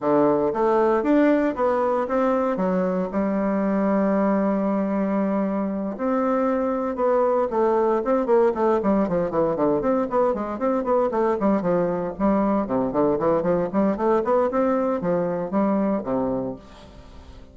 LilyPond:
\new Staff \with { instrumentName = "bassoon" } { \time 4/4 \tempo 4 = 116 d4 a4 d'4 b4 | c'4 fis4 g2~ | g2.~ g8 c'8~ | c'4. b4 a4 c'8 |
ais8 a8 g8 f8 e8 d8 c'8 b8 | gis8 c'8 b8 a8 g8 f4 g8~ | g8 c8 d8 e8 f8 g8 a8 b8 | c'4 f4 g4 c4 | }